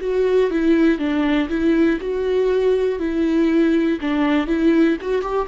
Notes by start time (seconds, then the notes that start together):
0.00 F#4
0.50 E4
0.99 D4
1.49 E4
2.00 F#4
2.99 E4
4.01 D4
4.47 E4
5.01 F#4
5.22 G4